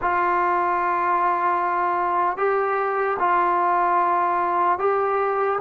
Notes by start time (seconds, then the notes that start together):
0.01 F4
2.37 G4
3.19 F4
4.78 G4